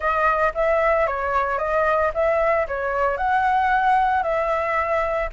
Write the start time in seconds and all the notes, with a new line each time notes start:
0.00 D#5
0.54 E5
1.06 C#5
1.58 D#5
2.14 E5
2.67 C#5
3.17 F#5
4.23 E5